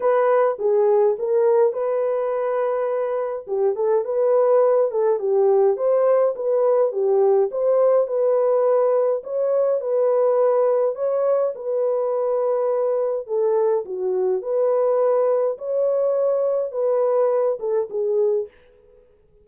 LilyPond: \new Staff \with { instrumentName = "horn" } { \time 4/4 \tempo 4 = 104 b'4 gis'4 ais'4 b'4~ | b'2 g'8 a'8 b'4~ | b'8 a'8 g'4 c''4 b'4 | g'4 c''4 b'2 |
cis''4 b'2 cis''4 | b'2. a'4 | fis'4 b'2 cis''4~ | cis''4 b'4. a'8 gis'4 | }